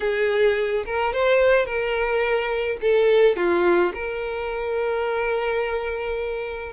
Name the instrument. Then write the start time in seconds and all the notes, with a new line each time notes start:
violin
0.00 G#4
0.85 A#4
1.13 C5
1.65 A#4
2.81 A4
3.36 F4
3.94 A#4